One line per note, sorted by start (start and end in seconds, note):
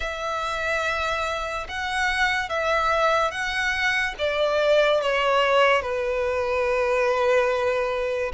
0.00 1.67 E5
1.68 2.48 F#5
2.48 3.31 E5
3.31 4.14 F#5
4.18 5.01 D5
5.01 5.82 C#5
5.82 8.32 B4